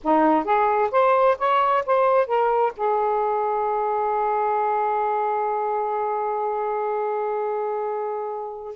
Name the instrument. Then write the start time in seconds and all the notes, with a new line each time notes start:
saxophone
0.03 D#4
0.44 G#4
0.91 C5
1.38 C#5
1.86 C5
2.26 A#4
2.77 G#4